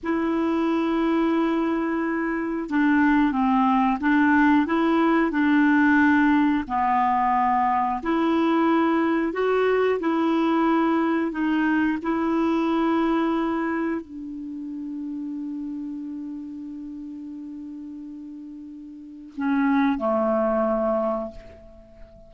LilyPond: \new Staff \with { instrumentName = "clarinet" } { \time 4/4 \tempo 4 = 90 e'1 | d'4 c'4 d'4 e'4 | d'2 b2 | e'2 fis'4 e'4~ |
e'4 dis'4 e'2~ | e'4 d'2.~ | d'1~ | d'4 cis'4 a2 | }